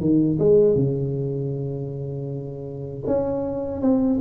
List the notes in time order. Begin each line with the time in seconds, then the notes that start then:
0.00 D#3
0.39 G#3
0.75 C#3
3.07 C#4
3.81 C4